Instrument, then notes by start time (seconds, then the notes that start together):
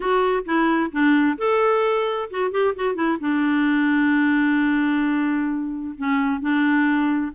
clarinet
0.00 F#4
0.45 E4
0.91 D4
1.37 A4
2.30 F#4
2.51 G4
2.75 F#4
2.94 E4
3.20 D4
5.97 C#4
6.40 D4